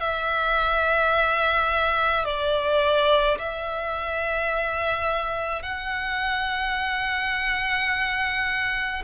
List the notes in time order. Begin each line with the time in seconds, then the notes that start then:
0.00 E5
2.25 D5
3.38 E5
5.62 F#5